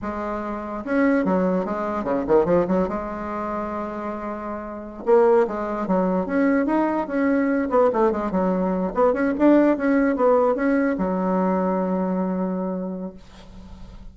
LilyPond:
\new Staff \with { instrumentName = "bassoon" } { \time 4/4 \tempo 4 = 146 gis2 cis'4 fis4 | gis4 cis8 dis8 f8 fis8 gis4~ | gis1~ | gis16 ais4 gis4 fis4 cis'8.~ |
cis'16 dis'4 cis'4. b8 a8 gis16~ | gis16 fis4. b8 cis'8 d'4 cis'16~ | cis'8. b4 cis'4 fis4~ fis16~ | fis1 | }